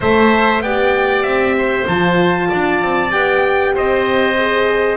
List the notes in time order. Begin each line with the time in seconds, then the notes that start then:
0.00 A3 A4 C5 E5
0.61 B3 G4 D5 G5
1.22 C4 E5
1.57 C5
1.87 F3 F4 A5
2.49 D4 D5
2.82 C4
3.10 B3 G4 G5
3.74 C4 C5 D#5
4.36 G#4